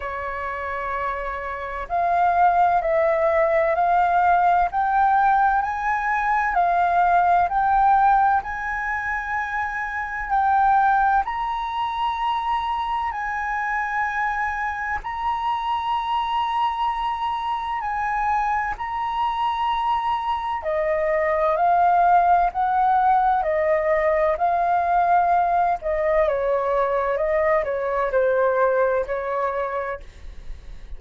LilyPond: \new Staff \with { instrumentName = "flute" } { \time 4/4 \tempo 4 = 64 cis''2 f''4 e''4 | f''4 g''4 gis''4 f''4 | g''4 gis''2 g''4 | ais''2 gis''2 |
ais''2. gis''4 | ais''2 dis''4 f''4 | fis''4 dis''4 f''4. dis''8 | cis''4 dis''8 cis''8 c''4 cis''4 | }